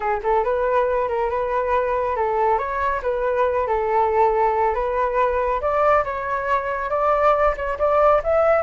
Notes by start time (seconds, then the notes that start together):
0.00 G#4
0.23 A4
0.44 B4
1.08 A#4
1.29 B4
2.16 A4
2.58 C#5
3.02 B4
3.67 A4
4.74 B4
5.61 D5
6.04 C#5
6.90 D5
7.56 C#5
7.78 D5
8.23 E5